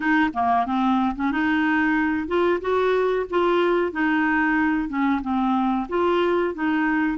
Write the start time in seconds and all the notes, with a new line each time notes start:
0.00 D#4
0.33 A#3
0.66 C4
1.15 C#4
1.31 D#4
2.27 F4
2.61 F#4
3.30 F4
3.92 D#4
4.88 C#4
5.22 C4
5.89 F4
6.54 D#4